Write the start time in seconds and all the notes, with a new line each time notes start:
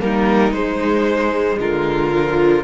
0.00 G3 A#3 D#4 A#4
0.52 G#3 C5
1.59 D3 F4 A#4
2.13 F3